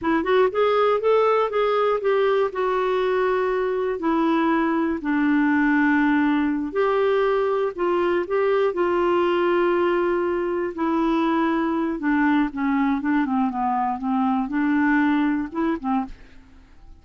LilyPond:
\new Staff \with { instrumentName = "clarinet" } { \time 4/4 \tempo 4 = 120 e'8 fis'8 gis'4 a'4 gis'4 | g'4 fis'2. | e'2 d'2~ | d'4. g'2 f'8~ |
f'8 g'4 f'2~ f'8~ | f'4. e'2~ e'8 | d'4 cis'4 d'8 c'8 b4 | c'4 d'2 e'8 c'8 | }